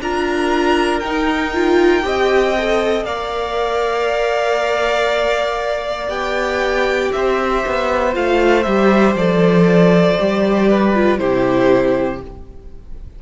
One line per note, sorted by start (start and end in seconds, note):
0.00 1.02 D4
0.00 1.03 F4
0.00 2.05 A#4
0.00 1.00 A#5
1.00 1.54 D#4
1.00 2.04 D#4
1.00 3.03 G5
1.54 2.02 F4
2.02 3.04 C4
2.02 2.53 G4
2.02 3.06 D#5
2.58 3.07 A4
3.04 6.08 A#3
3.04 6.08 A#4
3.04 7.13 D5
3.04 6.09 F5
6.08 7.10 B3
6.08 8.12 G4
6.08 7.11 G5
7.12 7.65 C4
7.12 10.69 C5
7.12 8.14 E5
7.66 8.15 B3
8.12 8.65 A3
8.12 8.63 F4
8.12 8.63 F5
8.63 9.15 G3
8.63 9.17 G4
8.63 9.14 E5
9.15 10.16 F3
9.15 10.18 A4
9.15 11.17 D5
10.18 11.19 G3
10.18 10.94 G4
10.69 11.20 B4
10.94 11.18 F4
11.17 12.21 C3
11.17 12.20 E4
11.17 12.22 G4
11.17 12.19 C5